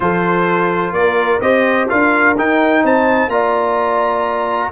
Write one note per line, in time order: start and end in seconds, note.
0.00 0.92 F3
0.00 1.41 F4
0.00 0.95 A4
0.00 0.93 C5
0.92 1.39 A#3
0.92 1.42 A#4
0.92 1.40 D5
1.40 1.87 C4
1.40 1.88 G4
1.40 1.88 C5
1.40 1.88 D#5
1.88 2.38 D4
1.88 2.36 F4
1.88 2.83 A#4
1.88 2.36 F5
2.37 3.29 D#4
2.37 2.83 D#4
2.37 2.85 G5
2.83 3.27 C4
2.83 3.31 C5
2.83 3.29 A5
3.27 4.69 A#3
3.27 4.71 F4
3.27 4.71 D5
3.27 4.71 A#5